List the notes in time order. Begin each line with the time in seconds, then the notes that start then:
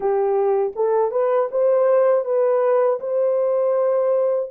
0.00 G4
0.75 A4
1.11 B4
1.51 C5
2.24 B4
3.00 C5